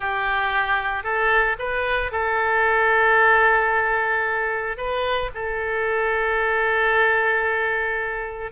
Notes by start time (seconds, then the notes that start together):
0.00 G4
1.03 A4
1.58 B4
2.11 A4
4.77 B4
5.34 A4